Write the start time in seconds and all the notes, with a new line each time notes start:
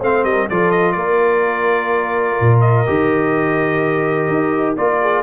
0.00 A3 C4 C5 F5
0.24 G3 A#4 D#5
0.49 F3 F4 A4 D5
0.72 D#5
0.92 A#3 A#4 D5
2.40 A#2
2.61 D#5
2.87 D#3 G4
4.29 D#4
4.77 A#3 F4 D5
5.02 G#4